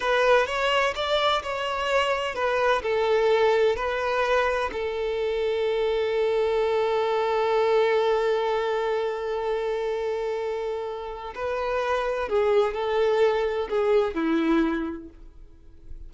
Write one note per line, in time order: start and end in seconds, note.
0.00 0.46 B4
0.46 0.93 C#5
0.95 1.42 D5
1.42 2.35 C#5
2.35 2.82 B4
2.82 3.76 A4
3.76 4.70 B4
4.72 11.33 A4
11.35 12.28 B4
12.28 12.74 G#4
12.74 13.68 A4
13.69 14.14 G#4
14.14 15.09 E4